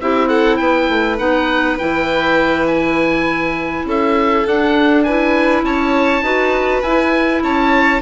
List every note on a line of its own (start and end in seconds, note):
0.00 0.59 C4
0.00 1.17 E4
0.00 0.28 G4
0.00 0.28 E5
0.28 0.58 A4
0.28 0.56 F#5
0.56 0.88 B3
0.56 3.85 B4
0.56 1.16 G5
0.88 1.18 A3
1.17 1.78 B3
1.17 1.77 D#4
1.17 1.77 F#5
1.78 3.84 E3
1.78 4.46 E4
1.78 2.66 G5
2.66 3.85 G#5
3.84 4.43 C#4
3.84 5.05 A4
3.84 4.47 E5
4.46 5.62 D4
4.46 5.06 D4
4.46 5.03 F#5
5.03 6.22 E4
5.03 5.64 B4
5.03 5.62 G#5
5.62 6.21 C#4
5.62 6.23 C#5
5.62 6.82 A5
6.21 6.80 D#4
6.21 6.82 F#4
6.21 7.42 B4
6.82 7.42 E4
6.82 8.01 E4
6.82 7.42 G#5
7.42 8.01 C#4
7.42 8.01 C#5
7.42 8.01 A5